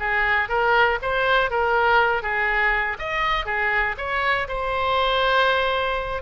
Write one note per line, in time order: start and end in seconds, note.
0.00 0.49 G#4
0.49 0.99 A#4
1.02 1.51 C5
1.51 2.23 A#4
2.23 2.97 G#4
2.99 3.46 D#5
3.46 3.96 G#4
3.98 4.48 C#5
4.48 6.22 C5